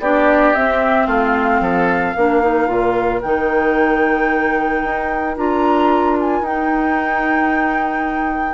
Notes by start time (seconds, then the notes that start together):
0.00 B3 D4 G4 D5
0.55 C4 E5
1.07 A3 F4 F5
1.60 F3 A4
2.16 A#3 D4 A#4
2.43 D#4
2.68 A#2 F4
3.22 D#3 D#4 G5
4.84 D#4
5.37 D4 F4 A#5
6.20 G#5
6.41 D#4 G5